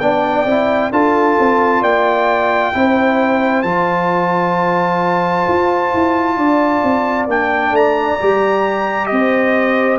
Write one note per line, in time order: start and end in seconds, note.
0.00 0.46 B3
0.00 0.47 D4
0.00 0.93 D5
0.00 0.91 G5
0.46 0.91 C4
0.46 0.93 E4
0.92 1.37 D4
0.92 2.74 F4
0.92 1.82 A4
0.92 1.84 A5
1.40 1.83 C4
1.82 2.73 A#3
1.82 2.73 D5
1.82 3.63 G5
2.74 3.64 C4
2.74 3.65 E4
2.74 6.37 C5
3.63 5.46 F3
3.63 7.29 F4
3.63 7.26 A5
5.48 5.94 F4
5.94 6.37 E4
6.37 6.83 D4
6.37 9.10 D5
6.84 7.27 C4
7.27 7.72 A#3
7.27 8.20 D4
7.27 7.76 G5
7.72 8.17 A3
7.72 9.07 A#5
8.21 9.12 G3
8.21 10.00 G4
9.07 10.00 C4
9.07 10.00 C5
9.07 9.98 D#5